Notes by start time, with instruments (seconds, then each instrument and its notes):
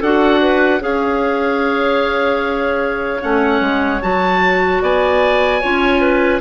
0.00 bassoon D4, clarinet F#4 A4, oboe F#5
0.42 clarinet B4
0.80 bassoon C#4, clarinet G#4 C#5, oboe F5
3.21 bassoon A3, clarinet C#4, oboe F#5
3.61 bassoon G#3
4.02 bassoon F#3, clarinet F#4, oboe A5
4.82 bassoon B3, clarinet D5, oboe G#5
5.61 bassoon C#4, clarinet F4 C#5
6.01 clarinet B4